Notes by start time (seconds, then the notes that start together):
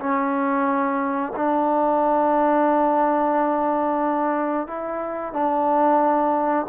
0.00 C#4
1.36 D4
4.68 E4
5.33 D4